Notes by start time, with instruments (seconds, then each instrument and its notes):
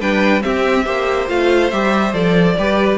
0.00 cello G3, viola D4, violin B4 G5
0.41 viola C4, cello C4, violin G4 E5
0.85 cello A#3, viola G4, violin C5
1.27 cello A3, viola F4, violin F5
1.71 cello G3, viola G4, violin E5
2.13 cello F3, viola A4, violin D5
2.57 cello G3, viola G4, violin B4